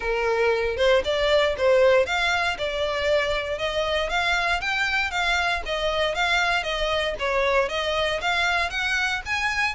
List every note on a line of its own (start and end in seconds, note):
0.00 0.76 A#4
0.76 1.02 C5
1.04 1.55 D5
1.57 2.05 C5
2.05 2.57 F5
2.58 3.58 D5
3.58 4.09 D#5
4.09 4.60 F5
4.60 5.10 G5
5.10 5.62 F5
5.65 6.14 D#5
6.14 6.63 F5
6.63 7.14 D#5
7.19 7.69 C#5
7.69 8.20 D#5
8.21 8.70 F5
8.70 9.21 F#5
9.25 9.75 G#5